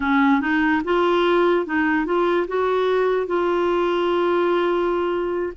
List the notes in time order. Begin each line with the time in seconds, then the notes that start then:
0.00 C#4
0.41 D#4
0.84 F4
1.66 D#4
2.05 F4
2.47 F#4
3.27 F4